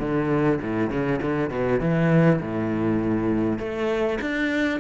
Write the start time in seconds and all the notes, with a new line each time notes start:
0.00 D3
0.61 A2
0.90 C#3
1.22 D3
1.50 B2
1.81 E3
2.41 A2
3.59 A3
4.21 D4